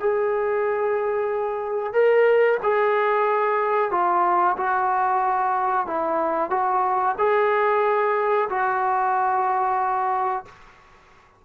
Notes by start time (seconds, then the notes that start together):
0.00 G#4
1.94 A#4
2.63 G#4
3.91 F4
4.57 F#4
5.87 E4
6.50 F#4
7.19 G#4
8.50 F#4